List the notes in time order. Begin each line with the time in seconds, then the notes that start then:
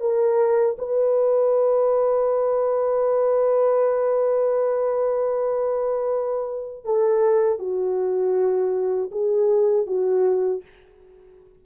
0.00 A#4
0.78 B4
6.85 A4
7.59 F#4
9.11 G#4
9.87 F#4